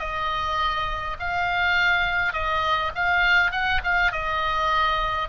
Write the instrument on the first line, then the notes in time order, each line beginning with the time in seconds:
oboe
0.00 D#5
1.20 F5
2.33 D#5
2.95 F5
3.52 F#5
3.84 F5
4.12 D#5